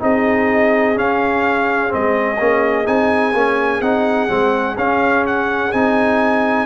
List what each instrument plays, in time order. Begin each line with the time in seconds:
0.00 tuba C4, trombone D#4, horn G#4, trumpet D#5
0.95 trombone C#4, tuba C#4, trumpet F5
1.89 tuba G#3, trombone C4, trumpet D#5
2.39 tuba A#3, trombone C#4
2.85 tuba C4, trombone D#4, trumpet G#5
3.34 tuba A#3, trombone C#4
3.81 tuba C4, trombone D#4, trumpet F#5
4.29 tuba G#3, trombone C4
4.78 trombone C#4, tuba C#4, trumpet F5
5.27 trumpet F#5
5.72 tuba C4, trombone D#4, trumpet G#5